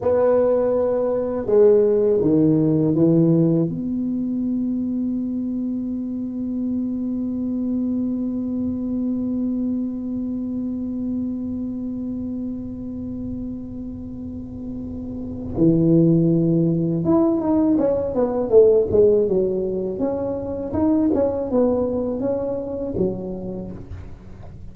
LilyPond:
\new Staff \with { instrumentName = "tuba" } { \time 4/4 \tempo 4 = 81 b2 gis4 dis4 | e4 b2.~ | b1~ | b1~ |
b1~ | b4 e2 e'8 dis'8 | cis'8 b8 a8 gis8 fis4 cis'4 | dis'8 cis'8 b4 cis'4 fis4 | }